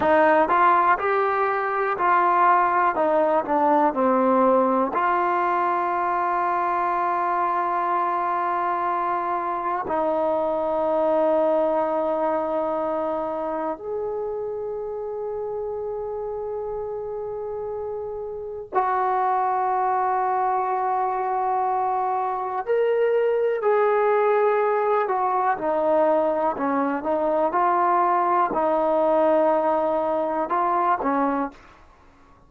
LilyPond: \new Staff \with { instrumentName = "trombone" } { \time 4/4 \tempo 4 = 61 dis'8 f'8 g'4 f'4 dis'8 d'8 | c'4 f'2.~ | f'2 dis'2~ | dis'2 gis'2~ |
gis'2. fis'4~ | fis'2. ais'4 | gis'4. fis'8 dis'4 cis'8 dis'8 | f'4 dis'2 f'8 cis'8 | }